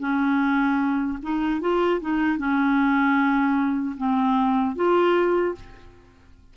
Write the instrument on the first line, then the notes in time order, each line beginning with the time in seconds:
clarinet
0.00 C#4
1.22 D#4
1.61 F4
2.01 D#4
2.38 C#4
3.97 C4
4.76 F4